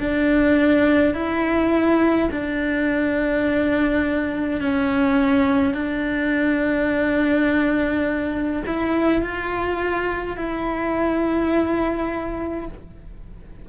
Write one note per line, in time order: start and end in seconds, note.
0.00 1.14 D4
1.14 2.30 E4
2.32 4.62 D4
4.62 5.74 C#4
5.74 8.63 D4
8.67 9.23 E4
9.23 10.37 F4
10.37 12.68 E4